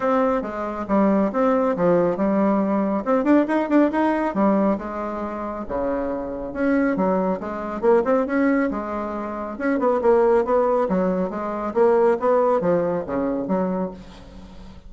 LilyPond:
\new Staff \with { instrumentName = "bassoon" } { \time 4/4 \tempo 4 = 138 c'4 gis4 g4 c'4 | f4 g2 c'8 d'8 | dis'8 d'8 dis'4 g4 gis4~ | gis4 cis2 cis'4 |
fis4 gis4 ais8 c'8 cis'4 | gis2 cis'8 b8 ais4 | b4 fis4 gis4 ais4 | b4 f4 cis4 fis4 | }